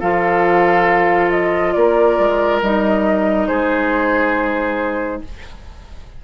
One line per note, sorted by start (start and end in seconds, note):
0.00 1.76 F3
0.00 2.62 F4
0.00 1.74 A4
0.00 1.31 F5
1.31 1.73 D#5
1.73 2.18 A#3
1.73 3.48 A#4
1.73 2.60 D5
2.18 2.62 G#3
2.62 3.49 G3
2.62 5.24 D#4
2.62 3.47 D#5
3.47 5.23 G#3
3.47 5.22 G#4
3.47 5.21 C5